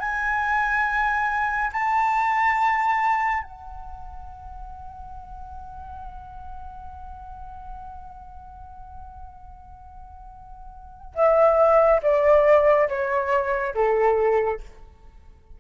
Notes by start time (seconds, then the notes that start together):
0.00 G#5
1.73 A5
3.43 F#5
11.15 E5
12.03 D5
12.89 C#5
13.75 A4